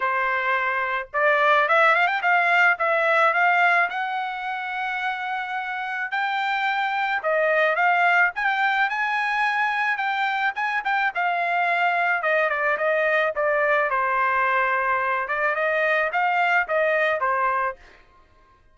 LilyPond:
\new Staff \with { instrumentName = "trumpet" } { \time 4/4 \tempo 4 = 108 c''2 d''4 e''8 f''16 g''16 | f''4 e''4 f''4 fis''4~ | fis''2. g''4~ | g''4 dis''4 f''4 g''4 |
gis''2 g''4 gis''8 g''8 | f''2 dis''8 d''8 dis''4 | d''4 c''2~ c''8 d''8 | dis''4 f''4 dis''4 c''4 | }